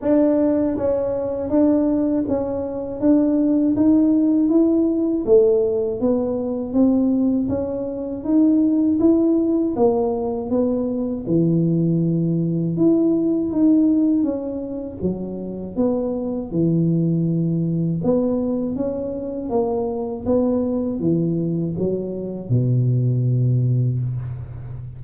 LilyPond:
\new Staff \with { instrumentName = "tuba" } { \time 4/4 \tempo 4 = 80 d'4 cis'4 d'4 cis'4 | d'4 dis'4 e'4 a4 | b4 c'4 cis'4 dis'4 | e'4 ais4 b4 e4~ |
e4 e'4 dis'4 cis'4 | fis4 b4 e2 | b4 cis'4 ais4 b4 | e4 fis4 b,2 | }